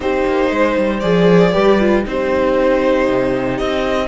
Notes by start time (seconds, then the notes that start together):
0.00 C4 D#4 G4 C5
0.25 A#3
0.50 G#3 C5
0.77 G3
0.99 F3 G#4 D5
1.52 G3 G4 B4
1.79 F4
2.05 C4 D#4 G4 C5
3.08 C3
3.57 C4 D#5